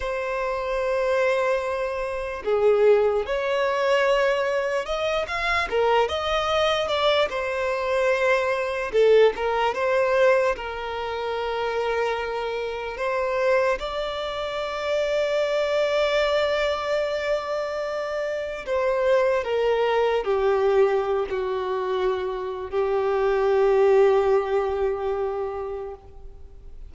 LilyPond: \new Staff \with { instrumentName = "violin" } { \time 4/4 \tempo 4 = 74 c''2. gis'4 | cis''2 dis''8 f''8 ais'8 dis''8~ | dis''8 d''8 c''2 a'8 ais'8 | c''4 ais'2. |
c''4 d''2.~ | d''2. c''4 | ais'4 g'4~ g'16 fis'4.~ fis'16 | g'1 | }